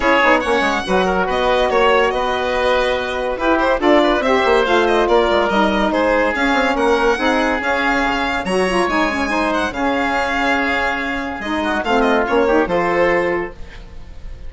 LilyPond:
<<
  \new Staff \with { instrumentName = "violin" } { \time 4/4 \tempo 4 = 142 cis''4 fis''2 dis''4 | cis''4 dis''2. | b'8 c''8 d''4 e''4 f''8 dis''8 | d''4 dis''4 c''4 f''4 |
fis''2 f''2 | ais''4 gis''4. fis''8 f''4~ | f''2. dis''4 | f''8 dis''8 cis''4 c''2 | }
  \new Staff \with { instrumentName = "oboe" } { \time 4/4 gis'4 cis''4 b'8 ais'8 b'4 | cis''4 b'2. | g'4 a'8 b'8 c''2 | ais'2 gis'2 |
ais'4 gis'2. | cis''2 c''4 gis'4~ | gis'2.~ gis'8 fis'8 | f'4. g'8 a'2 | }
  \new Staff \with { instrumentName = "saxophone" } { \time 4/4 e'8 dis'8 cis'4 fis'2~ | fis'1 | e'4 f'4 g'4 f'4~ | f'4 dis'2 cis'4~ |
cis'4 dis'4 cis'2 | fis'8 f'8 dis'8 cis'8 dis'4 cis'4~ | cis'2. dis'4 | c'4 cis'8 dis'8 f'2 | }
  \new Staff \with { instrumentName = "bassoon" } { \time 4/4 cis'8 b8 ais8 gis8 fis4 b4 | ais4 b2. | e'4 d'4 c'8 ais8 a4 | ais8 gis8 g4 gis4 cis'8 c'8 |
ais4 c'4 cis'4 cis4 | fis4 gis2 cis4~ | cis2. gis4 | a4 ais4 f2 | }
>>